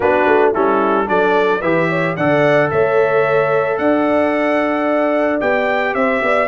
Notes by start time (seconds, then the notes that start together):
0.00 B3 D4 F#4 B4
0.26 A3
0.53 G3 C#4 E4 A4
1.06 F#3 D4 A4 D5
1.60 E3 G4 B4 E5
1.89 C#5
2.16 D3 A4 D5 F#5
2.70 A3 C#5 E5
3.78 D4 D5 F#5
5.40 B3 G4 G5
5.94 C4 C5 E5
6.22 B3 D5